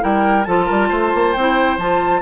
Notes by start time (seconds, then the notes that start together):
0.00 G3 E4 A#4 G5
0.44 F3 F4 A4 A5
0.65 G3 A#4
0.89 A3 C5
1.14 A#3
1.33 C4 G5
1.39 E4
1.77 F3 F4 A5